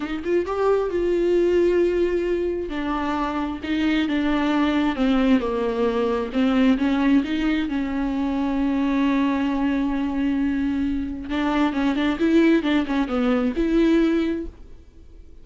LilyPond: \new Staff \with { instrumentName = "viola" } { \time 4/4 \tempo 4 = 133 dis'8 f'8 g'4 f'2~ | f'2 d'2 | dis'4 d'2 c'4 | ais2 c'4 cis'4 |
dis'4 cis'2.~ | cis'1~ | cis'4 d'4 cis'8 d'8 e'4 | d'8 cis'8 b4 e'2 | }